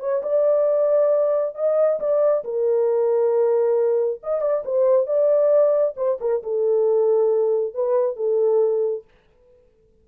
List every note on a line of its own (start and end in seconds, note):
0.00 0.22 C#5
0.23 1.55 D5
1.55 2.00 D#5
2.00 2.44 D5
2.45 4.21 A#4
4.23 4.42 D#5
4.42 4.64 D5
4.65 5.07 C5
5.07 5.95 D5
5.97 6.19 C5
6.21 6.43 A#4
6.43 7.74 A4
7.74 8.16 B4
8.16 9.05 A4